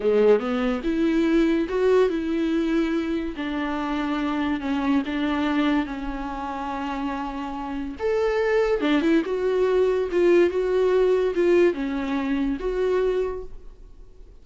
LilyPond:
\new Staff \with { instrumentName = "viola" } { \time 4/4 \tempo 4 = 143 gis4 b4 e'2 | fis'4 e'2. | d'2. cis'4 | d'2 cis'2~ |
cis'2. a'4~ | a'4 d'8 e'8 fis'2 | f'4 fis'2 f'4 | cis'2 fis'2 | }